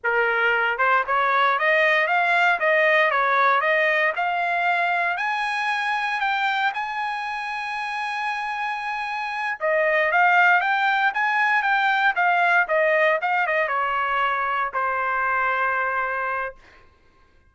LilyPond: \new Staff \with { instrumentName = "trumpet" } { \time 4/4 \tempo 4 = 116 ais'4. c''8 cis''4 dis''4 | f''4 dis''4 cis''4 dis''4 | f''2 gis''2 | g''4 gis''2.~ |
gis''2~ gis''8 dis''4 f''8~ | f''8 g''4 gis''4 g''4 f''8~ | f''8 dis''4 f''8 dis''8 cis''4.~ | cis''8 c''2.~ c''8 | }